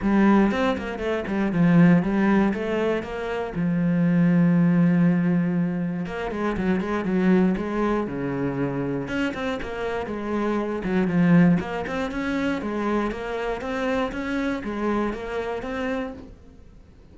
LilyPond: \new Staff \with { instrumentName = "cello" } { \time 4/4 \tempo 4 = 119 g4 c'8 ais8 a8 g8 f4 | g4 a4 ais4 f4~ | f1 | ais8 gis8 fis8 gis8 fis4 gis4 |
cis2 cis'8 c'8 ais4 | gis4. fis8 f4 ais8 c'8 | cis'4 gis4 ais4 c'4 | cis'4 gis4 ais4 c'4 | }